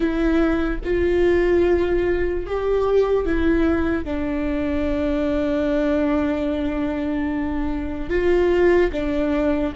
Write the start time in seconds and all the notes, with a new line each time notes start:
0.00 E4
0.84 F4
2.46 G4
3.25 E4
4.04 D4
8.09 F4
8.92 D4